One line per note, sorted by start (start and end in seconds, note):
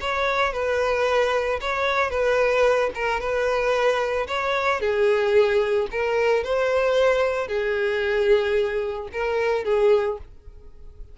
0.00 0.52 C#5
0.52 1.59 B4
1.60 2.10 C#5
2.10 2.90 B4
2.94 3.19 A#4
3.19 4.27 B4
4.27 4.80 C#5
4.80 5.87 G#4
5.91 6.43 A#4
6.43 7.47 C5
7.47 9.08 G#4
9.12 9.64 A#4
9.64 10.18 G#4